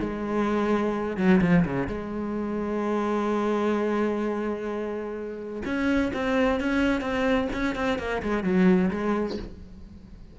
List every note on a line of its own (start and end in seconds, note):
0.00 1.17 G#3
1.17 1.40 F#3
1.41 1.64 F3
1.65 1.87 C#3
1.87 5.62 G#3
5.65 6.12 C#4
6.14 6.60 C4
6.60 7.01 C#4
7.01 7.48 C4
7.53 7.75 C#4
7.75 7.99 C4
7.99 8.22 A#3
8.22 8.44 G#3
8.44 8.90 F#3
8.90 9.37 G#3